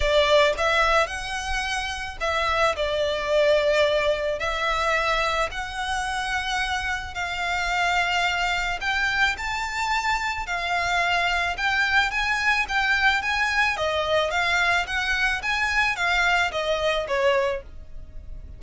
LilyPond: \new Staff \with { instrumentName = "violin" } { \time 4/4 \tempo 4 = 109 d''4 e''4 fis''2 | e''4 d''2. | e''2 fis''2~ | fis''4 f''2. |
g''4 a''2 f''4~ | f''4 g''4 gis''4 g''4 | gis''4 dis''4 f''4 fis''4 | gis''4 f''4 dis''4 cis''4 | }